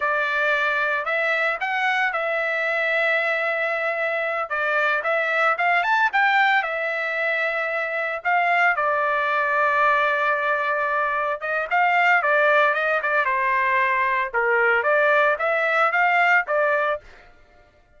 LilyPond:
\new Staff \with { instrumentName = "trumpet" } { \time 4/4 \tempo 4 = 113 d''2 e''4 fis''4 | e''1~ | e''8 d''4 e''4 f''8 a''8 g''8~ | g''8 e''2. f''8~ |
f''8 d''2.~ d''8~ | d''4. dis''8 f''4 d''4 | dis''8 d''8 c''2 ais'4 | d''4 e''4 f''4 d''4 | }